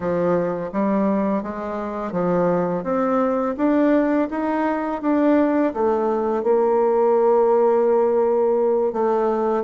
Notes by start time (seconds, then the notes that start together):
0.00 F3
0.72 G3
1.43 G#3
2.12 F3
2.83 C4
3.57 D4
4.30 D#4
5.01 D4
5.73 A3
6.43 A#3
8.92 A3